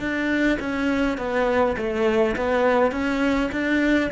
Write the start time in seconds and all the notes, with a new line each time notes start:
0.00 D4
0.60 C#4
1.18 B3
1.78 A3
2.36 B3
2.92 C#4
3.52 D4